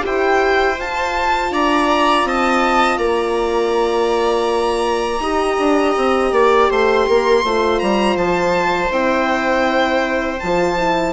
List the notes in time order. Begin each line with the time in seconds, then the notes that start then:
0.00 E4 G4
0.06 C5 G5
0.79 F4 A5
1.51 D4 D5 A#5
2.24 C4 D#5 A5
2.98 A#3 D5 A#5
5.20 D#4 G4 D#5
5.58 D4
5.97 C4
6.32 A#3 D5
6.70 A3 C5 C6
7.08 A#3 A#4
7.44 A3 F4 C5
7.79 G3 A#5
8.16 F3 A5
8.90 C4 E4 G5
10.39 F3 F4 A5
10.77 E4